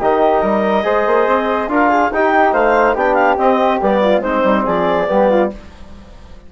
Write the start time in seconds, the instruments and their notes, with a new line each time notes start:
0.00 bassoon D#3, trombone D#4, flute G4, clarinet D#5
0.41 bassoon G3, flute A#4
0.83 bassoon G#3, trombone G#4, flute C5
1.06 bassoon A#3
1.27 bassoon C4
1.68 bassoon D4, trombone F4, flute A#4, clarinet F5
1.89 flute G#4
2.12 bassoon D#4, trombone D#4, flute G4, clarinet G5
2.53 bassoon A3, flute C5, clarinet F5
2.95 bassoon B3, trombone D4, flute G4, clarinet G5
3.14 clarinet F5
3.37 bassoon C4, trombone C4, clarinet D#5
3.81 bassoon G3, trombone B3, clarinet D5
4.01 flute F4
4.21 bassoon G#3, trombone C4, flute D#4, clarinet C5
4.44 bassoon G3
4.65 bassoon F3, flute G#4, clarinet D5
5.07 bassoon G3, trombone B3, flute G4
5.30 flute F4